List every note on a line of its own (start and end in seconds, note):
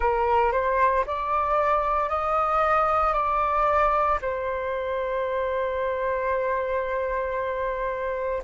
0.00 0.52 A#4
0.52 1.04 C5
1.06 2.09 D5
2.09 3.13 D#5
3.13 4.18 D5
4.21 8.42 C5